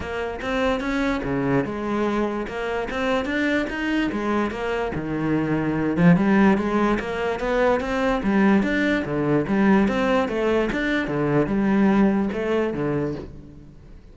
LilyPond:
\new Staff \with { instrumentName = "cello" } { \time 4/4 \tempo 4 = 146 ais4 c'4 cis'4 cis4 | gis2 ais4 c'4 | d'4 dis'4 gis4 ais4 | dis2~ dis8 f8 g4 |
gis4 ais4 b4 c'4 | g4 d'4 d4 g4 | c'4 a4 d'4 d4 | g2 a4 d4 | }